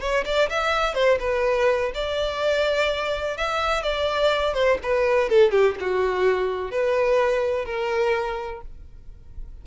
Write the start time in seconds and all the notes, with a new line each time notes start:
0.00 C#5
0.25 D5
0.49 E5
0.94 C5
1.19 B4
1.94 D5
3.37 E5
3.82 D5
4.54 C5
4.82 B4
5.29 A4
5.51 G4
5.79 F#4
6.71 B4
7.65 A#4